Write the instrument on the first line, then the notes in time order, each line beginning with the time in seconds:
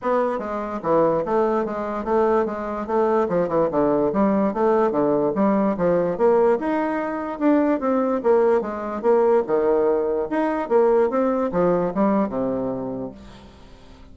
bassoon
0.01 B3
0.38 G#3
0.82 E3
1.25 A3
1.65 G#3
2.04 A3
2.45 G#3
2.86 A3
3.29 F3
3.48 E3
3.71 D3
4.12 G3
4.53 A3
4.91 D3
5.35 G3
5.77 F3
6.17 A#3
6.59 D#4
7.39 D4
7.80 C4
8.23 A#3
8.61 G#3
9.02 A#3
9.46 D#3
10.29 D#4
10.68 A#3
11.10 C4
11.52 F3
11.94 G3
12.29 C3